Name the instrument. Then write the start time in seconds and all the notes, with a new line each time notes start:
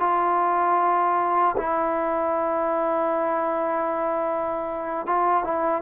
trombone
0.00 F4
1.58 E4
5.07 F4
5.44 E4